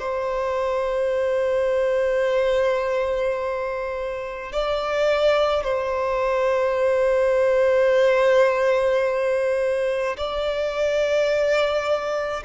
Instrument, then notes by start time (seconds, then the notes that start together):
violin
0.00 C5
4.53 D5
5.64 C5
10.18 D5